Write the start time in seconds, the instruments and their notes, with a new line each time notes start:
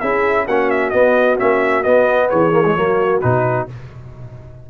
0.00 tuba C#4, trombone E4, horn G#4, trumpet E5
0.45 tuba A#3, trombone C#4, horn F#4, trumpet F#5
0.70 trumpet E5
0.90 trombone B3, tuba B3, trumpet D#5
1.38 tuba A#3, trombone C#4, trumpet E5
1.83 trombone B3, tuba B3, trumpet D#5
2.30 tuba E3, horn G#4, trumpet C#5
2.52 trombone A#3
2.65 trombone G#3
2.75 tuba F#3, trombone A#3, horn F#4
3.21 tuba B2, trombone D#4, trumpet B4